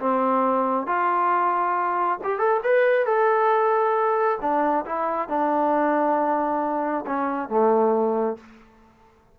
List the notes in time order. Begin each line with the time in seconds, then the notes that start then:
0.00 C4
0.87 F4
2.24 G4
2.39 A4
2.64 B4
3.06 A4
4.42 D4
4.86 E4
5.29 D4
7.06 C#4
7.49 A3